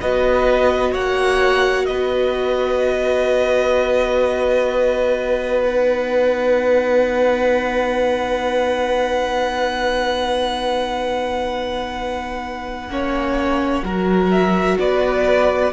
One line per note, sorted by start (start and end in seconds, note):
0.00 0.94 B3
0.00 5.64 F#4
0.00 0.91 B4
0.00 0.94 D#5
0.91 1.88 A#3
0.91 1.85 C#5
0.91 1.85 F#5
1.85 12.88 B3
1.85 12.90 B4
1.85 5.60 D#5
5.63 12.89 D#4
5.63 14.30 F#5
12.88 13.82 A#3
12.88 13.83 C#4
12.88 13.84 C#5
13.83 14.77 F#3
13.83 15.72 F#4
13.83 14.78 A#4
14.30 14.77 E5
14.79 15.72 B3
14.79 15.72 B4
14.79 15.72 D5